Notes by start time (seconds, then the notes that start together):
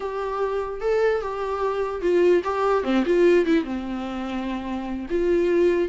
0.00 G4
0.81 A4
1.21 G4
2.01 F4
2.43 G4
2.83 C4
3.05 F4
3.45 E4
3.64 C4
5.10 F4